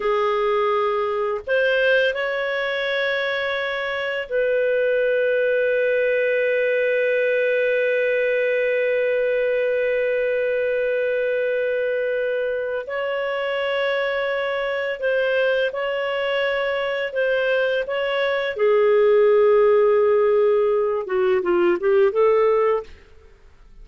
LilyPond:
\new Staff \with { instrumentName = "clarinet" } { \time 4/4 \tempo 4 = 84 gis'2 c''4 cis''4~ | cis''2 b'2~ | b'1~ | b'1~ |
b'2 cis''2~ | cis''4 c''4 cis''2 | c''4 cis''4 gis'2~ | gis'4. fis'8 f'8 g'8 a'4 | }